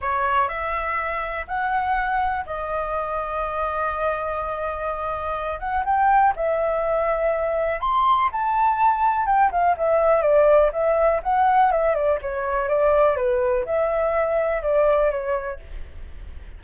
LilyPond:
\new Staff \with { instrumentName = "flute" } { \time 4/4 \tempo 4 = 123 cis''4 e''2 fis''4~ | fis''4 dis''2.~ | dis''2.~ dis''8 fis''8 | g''4 e''2. |
c'''4 a''2 g''8 f''8 | e''4 d''4 e''4 fis''4 | e''8 d''8 cis''4 d''4 b'4 | e''2 d''4 cis''4 | }